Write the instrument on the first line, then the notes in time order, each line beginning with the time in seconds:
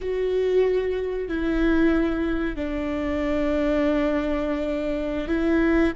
viola
0.01 F#4
1.28 E4
2.56 D4
5.28 E4